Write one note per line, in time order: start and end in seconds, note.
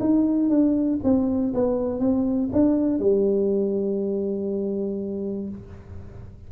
0.00 0.50 D#4
0.50 1.00 D4
1.04 1.54 C4
1.54 2.00 B3
2.00 2.50 C4
2.53 2.99 D4
2.99 5.49 G3